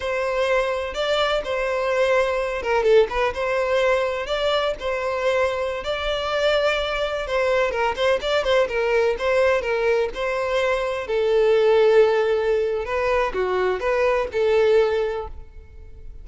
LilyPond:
\new Staff \with { instrumentName = "violin" } { \time 4/4 \tempo 4 = 126 c''2 d''4 c''4~ | c''4. ais'8 a'8 b'8 c''4~ | c''4 d''4 c''2~ | c''16 d''2. c''8.~ |
c''16 ais'8 c''8 d''8 c''8 ais'4 c''8.~ | c''16 ais'4 c''2 a'8.~ | a'2. b'4 | fis'4 b'4 a'2 | }